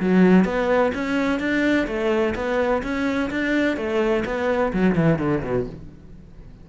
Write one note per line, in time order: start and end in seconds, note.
0.00 0.45 F#3
0.45 0.92 B3
0.94 1.40 C#4
1.40 1.87 D4
1.87 2.34 A3
2.35 2.82 B3
2.83 3.30 C#4
3.30 3.77 D4
3.77 4.24 A3
4.25 4.72 B3
4.73 4.95 F#3
4.95 5.19 E3
5.19 5.42 D3
5.42 5.66 B2